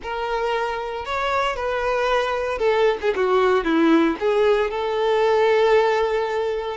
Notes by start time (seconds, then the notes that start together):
0.02 A#4
1.05 C#5
1.56 B4
2.58 A4
3.01 G#4
3.15 F#4
3.64 E4
4.19 G#4
4.70 A4